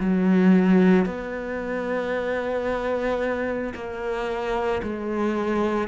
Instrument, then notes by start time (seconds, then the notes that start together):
cello
0.00 F#3
1.06 B3
3.75 A#3
4.83 G#3